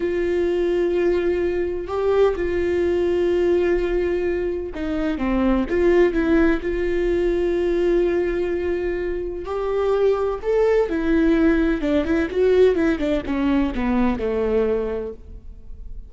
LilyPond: \new Staff \with { instrumentName = "viola" } { \time 4/4 \tempo 4 = 127 f'1 | g'4 f'2.~ | f'2 dis'4 c'4 | f'4 e'4 f'2~ |
f'1 | g'2 a'4 e'4~ | e'4 d'8 e'8 fis'4 e'8 d'8 | cis'4 b4 a2 | }